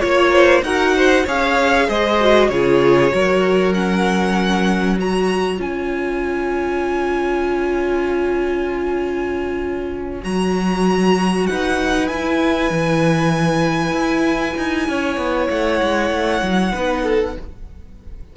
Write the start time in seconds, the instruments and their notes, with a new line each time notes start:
0.00 cello A#3, viola F4, violin C#5
0.34 violin C5
0.62 cello D#4, viola F#4, violin A#4 F#5
0.96 violin C5
1.25 cello C#4, viola G#4, violin C#5 F5
1.88 cello G#3, violin C5 D#5
2.21 viola F#4
2.49 cello C#3, viola F4, violin G#4 C#5
3.11 cello F#3, viola F#4, violin A#4
3.74 viola C#4, violin F#5
4.98 viola F#4, violin C#5 A#5
5.58 cello C#4, viola F4, violin G#5
10.22 cello F#3, viola F#4, violin A#5
11.47 cello D#4, violin B4 F#5
12.07 viola E4, cello E4, violin G#5
12.70 cello E3
13.92 cello E4
14.57 cello D#4
14.88 cello C#4, violin C#5
15.17 cello B3
15.51 cello A3, violin F#5
15.83 cello G#3
16.11 cello A3
16.42 cello F#3
16.72 cello B3, viola D#4, violin B4
17.04 violin A4